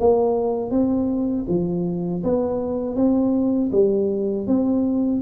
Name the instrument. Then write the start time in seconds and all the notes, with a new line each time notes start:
tuba
0.00 A#3
0.71 C4
1.48 F3
2.24 B3
2.96 C4
3.72 G3
4.47 C4